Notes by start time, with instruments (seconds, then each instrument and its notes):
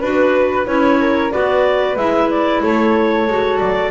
0.00 double bass D4, clarinet F#4 B4, flute B4
0.66 double bass C#4, clarinet E4 C#5
1.00 flute A#4
1.31 double bass B3, clarinet F#4 D5, flute B4
1.96 double bass G#3, clarinet E4 E5
2.30 clarinet D5
2.63 double bass A3, flute A4, clarinet C#5
3.27 double bass G#3, clarinet F#4
3.59 double bass F#3, clarinet D5